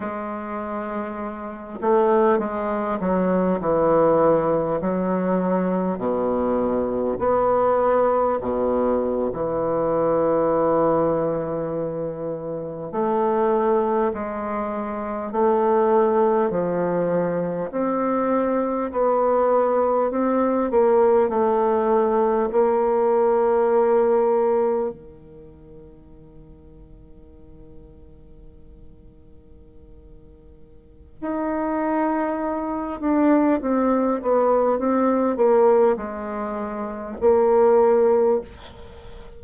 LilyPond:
\new Staff \with { instrumentName = "bassoon" } { \time 4/4 \tempo 4 = 50 gis4. a8 gis8 fis8 e4 | fis4 b,4 b4 b,8. e16~ | e2~ e8. a4 gis16~ | gis8. a4 f4 c'4 b16~ |
b8. c'8 ais8 a4 ais4~ ais16~ | ais8. dis2.~ dis16~ | dis2 dis'4. d'8 | c'8 b8 c'8 ais8 gis4 ais4 | }